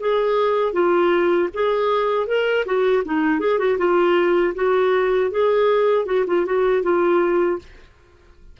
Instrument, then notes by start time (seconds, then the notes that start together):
clarinet
0.00 G#4
0.73 F4
1.54 G#4
2.27 A#4
2.65 F#4
3.05 D#4
3.40 G#4
3.59 F#4
3.78 F4
4.55 F#4
5.31 G#4
6.06 F#4
6.27 F4
6.46 F#4
6.83 F4